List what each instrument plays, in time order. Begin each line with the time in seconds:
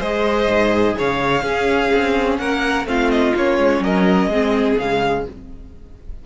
0.00 cello G#3, viola G#4, violin C5 D#5
0.48 cello G#2
0.99 cello C#3, violin C#5 F5
1.42 cello C#4, viola C#4, violin G#4
1.94 cello C4
2.38 cello A#3, violin A#4 F#5
2.85 cello A3, viola C4, violin F4 F5
3.11 violin D#5
3.36 cello A#3, viola C#4, violin C#5
3.59 cello G#3
3.80 cello F#3, violin A#4 D#5
4.28 cello G#3, viola C4, violin G#4
4.78 cello C#3, viola G#3, violin F5